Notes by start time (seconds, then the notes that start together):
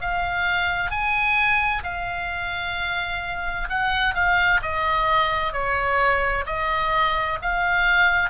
0.00 F5
0.90 G#5
1.83 F5
3.69 F#5
4.14 F5
4.62 D#5
5.52 C#5
6.46 D#5
7.41 F5